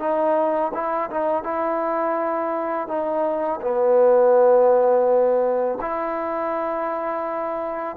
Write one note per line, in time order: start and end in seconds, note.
0.00 0.72 D#4
0.74 1.10 E4
1.11 1.44 D#4
1.44 2.88 E4
2.88 3.60 D#4
3.62 5.79 B3
5.81 7.97 E4